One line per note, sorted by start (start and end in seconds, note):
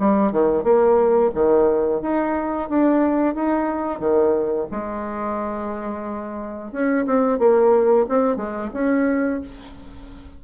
0.00 0.32 G3
0.32 0.64 D#3
0.64 1.31 A#3
1.35 2.02 D#3
2.02 2.69 D#4
2.70 3.35 D4
3.35 4.00 D#4
4.00 4.67 D#3
4.72 6.72 G#3
6.72 7.06 C#4
7.06 7.39 C4
7.39 8.07 A#3
8.09 8.37 C4
8.37 8.70 G#3
8.74 9.41 C#4